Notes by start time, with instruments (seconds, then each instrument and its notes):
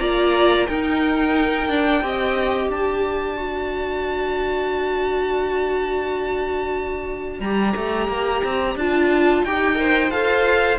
0.00 cello A#3, viola F4, violin D5 A#5
0.67 cello D#4, viola D#4, violin A#4 G5
1.68 cello D4, viola D4
2.02 cello C4, viola G4, violin D#5
2.69 cello D4, violin D5 A5
3.37 viola F#4
7.40 cello G3, viola G4, violin A#5
7.76 cello A3
8.08 cello A#3
8.44 cello C4
8.76 cello D4, viola F4, violin A5
9.44 cello D#4, viola G4, violin G5
9.75 viola A#4, violin C5
10.11 cello F4, viola A4, violin F5